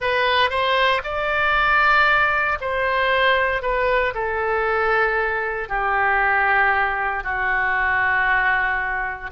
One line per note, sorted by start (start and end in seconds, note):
0.00 0.49 B4
0.49 1.01 C5
1.03 2.58 D5
2.61 3.62 C5
3.62 4.13 B4
4.14 5.68 A4
5.68 7.23 G4
7.23 9.30 F#4